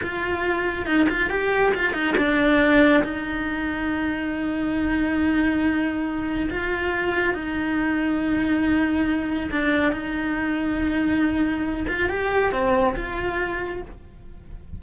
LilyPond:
\new Staff \with { instrumentName = "cello" } { \time 4/4 \tempo 4 = 139 f'2 dis'8 f'8 g'4 | f'8 dis'8 d'2 dis'4~ | dis'1~ | dis'2. f'4~ |
f'4 dis'2.~ | dis'2 d'4 dis'4~ | dis'2.~ dis'8 f'8 | g'4 c'4 f'2 | }